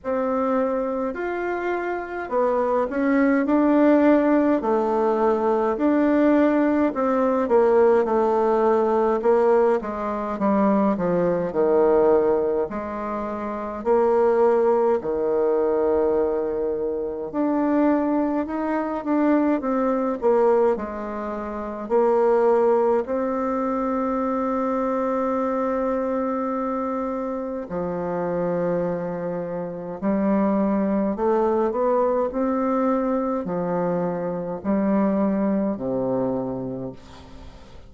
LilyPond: \new Staff \with { instrumentName = "bassoon" } { \time 4/4 \tempo 4 = 52 c'4 f'4 b8 cis'8 d'4 | a4 d'4 c'8 ais8 a4 | ais8 gis8 g8 f8 dis4 gis4 | ais4 dis2 d'4 |
dis'8 d'8 c'8 ais8 gis4 ais4 | c'1 | f2 g4 a8 b8 | c'4 f4 g4 c4 | }